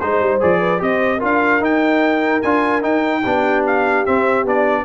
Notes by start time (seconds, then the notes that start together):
0.00 G#3 D#4 C5
0.20 G3
0.40 F3 G#4 D5
0.60 B4
0.78 C4 G4 C5 D#5
1.18 D4 F4 A#4
1.25 F5
1.60 D#4 G5
2.42 D4 F4 G#5
2.82 D#4 G5
3.22 B3 D4 G4
3.67 F5
4.06 C4 E5
4.45 B3 D4 D5